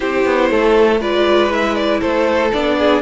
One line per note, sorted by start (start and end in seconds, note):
0.00 0.25 C4
0.00 0.98 E4
0.00 0.49 G4
0.00 0.99 C5
0.25 0.50 B3
0.50 1.00 A3
0.50 1.00 A4
1.00 2.01 G#3
1.00 1.50 F4
1.00 2.00 B4
1.00 1.51 D5
1.50 2.51 E4
1.50 1.75 E5
1.75 2.00 D5
2.00 2.52 A3
2.00 2.76 A4
2.00 2.51 C5
2.52 3.01 B3
2.52 3.01 D4
2.52 3.01 D5
2.78 3.01 G#4